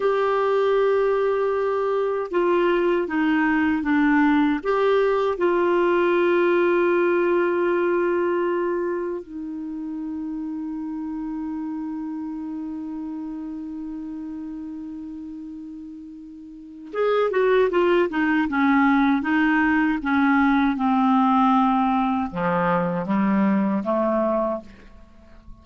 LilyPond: \new Staff \with { instrumentName = "clarinet" } { \time 4/4 \tempo 4 = 78 g'2. f'4 | dis'4 d'4 g'4 f'4~ | f'1 | dis'1~ |
dis'1~ | dis'2 gis'8 fis'8 f'8 dis'8 | cis'4 dis'4 cis'4 c'4~ | c'4 f4 g4 a4 | }